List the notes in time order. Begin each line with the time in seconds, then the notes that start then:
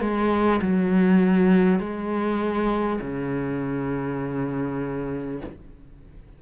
0.00 G#3
0.61 F#3
1.79 G#3
3.00 C#3